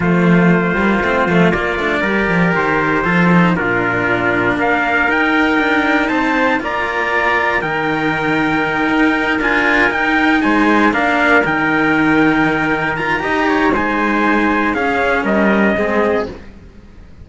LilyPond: <<
  \new Staff \with { instrumentName = "trumpet" } { \time 4/4 \tempo 4 = 118 c''2. d''4~ | d''4 c''2 ais'4~ | ais'4 f''4 g''2 | a''4 ais''2 g''4~ |
g''2~ g''8 gis''4 g''8~ | g''8 gis''4 f''4 g''4.~ | g''4. ais''4. gis''4~ | gis''4 f''4 dis''2 | }
  \new Staff \with { instrumentName = "trumpet" } { \time 4/4 f'1 | ais'2 a'4 f'4~ | f'4 ais'2. | c''4 d''2 ais'4~ |
ais'1~ | ais'8 c''4 ais'2~ ais'8~ | ais'2 dis''8 cis''8 c''4~ | c''4 gis'4 ais'4 gis'4 | }
  \new Staff \with { instrumentName = "cello" } { \time 4/4 a4. ais8 c'8 a8 ais8 d'8 | g'2 f'8 dis'8 d'4~ | d'2 dis'2~ | dis'4 f'2 dis'4~ |
dis'2~ dis'8 f'4 dis'8~ | dis'4. d'4 dis'4.~ | dis'4. f'8 g'4 dis'4~ | dis'4 cis'2 c'4 | }
  \new Staff \with { instrumentName = "cello" } { \time 4/4 f4. g8 a8 f8 ais8 a8 | g8 f8 dis4 f4 ais,4~ | ais,4 ais4 dis'4 d'4 | c'4 ais2 dis4~ |
dis4. dis'4 d'4 dis'8~ | dis'8 gis4 ais4 dis4.~ | dis2 dis'4 gis4~ | gis4 cis'4 g4 gis4 | }
>>